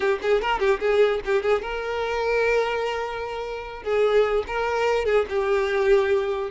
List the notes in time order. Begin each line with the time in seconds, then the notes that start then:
0.00 G4
0.22 G#4
0.41 A#4
0.59 G4
0.80 G#4
1.25 G4
1.42 G#4
1.61 A#4
3.83 G#4
4.47 A#4
5.05 G#4
5.29 G4